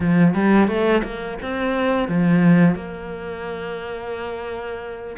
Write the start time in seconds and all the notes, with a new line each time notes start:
0.00 F3
0.34 G3
0.67 A3
1.03 A#3
1.41 C4
2.08 F3
2.75 A#3